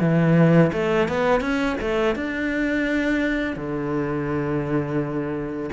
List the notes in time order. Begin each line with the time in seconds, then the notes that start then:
0.00 E3
0.72 A3
1.08 B3
1.41 C#4
1.81 A3
2.16 D4
3.56 D3